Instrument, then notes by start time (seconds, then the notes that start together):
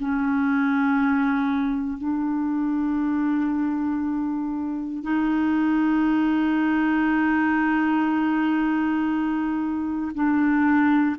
clarinet
0.00 C#4
1.98 D4
5.03 D#4
10.15 D4